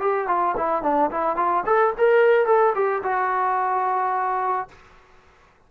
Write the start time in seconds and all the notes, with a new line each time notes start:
0.00 G4
0.28 F4
0.58 E4
0.83 D4
1.11 E4
1.37 F4
1.66 A4
1.98 A#4
2.46 A4
2.75 G4
3.04 F#4